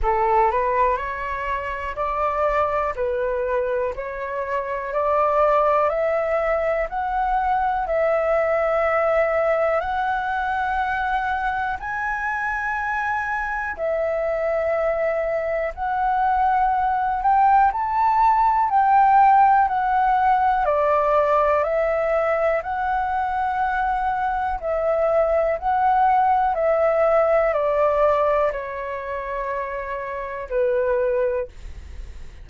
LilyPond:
\new Staff \with { instrumentName = "flute" } { \time 4/4 \tempo 4 = 61 a'8 b'8 cis''4 d''4 b'4 | cis''4 d''4 e''4 fis''4 | e''2 fis''2 | gis''2 e''2 |
fis''4. g''8 a''4 g''4 | fis''4 d''4 e''4 fis''4~ | fis''4 e''4 fis''4 e''4 | d''4 cis''2 b'4 | }